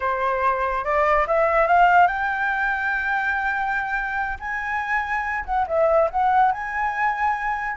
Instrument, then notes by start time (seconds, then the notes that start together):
flute
0.00 C5
0.84 D5
1.27 E5
1.67 F5
2.07 G5
4.39 G#5
5.45 F#5
5.67 E5
6.10 F#5
6.51 G#5